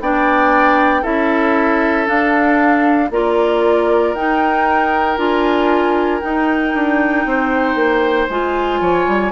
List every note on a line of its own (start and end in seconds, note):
0.00 1.03 B3
0.00 1.03 D4
0.00 1.02 D5
0.00 1.04 G5
1.02 2.07 C#4
1.02 2.06 E4
1.02 3.08 A4
1.02 2.07 E5
2.06 3.09 D4
2.06 3.10 D4
2.06 3.11 F5
3.10 4.14 A#3
3.10 4.15 F4
3.10 7.27 A#4
3.10 4.14 D5
4.14 5.17 D#4
4.14 5.18 G5
5.17 6.20 D4
5.17 6.21 F4
5.17 6.20 G#5
6.20 8.28 D#4
6.20 6.74 D#4
6.20 8.27 G5
6.74 7.25 D4
7.25 7.75 C4
7.25 8.80 C5
7.75 8.27 A#3
8.29 8.80 G#3
8.29 9.31 F4
8.29 9.31 G#5
8.80 9.06 F3
8.80 9.31 C#5
9.07 9.31 G3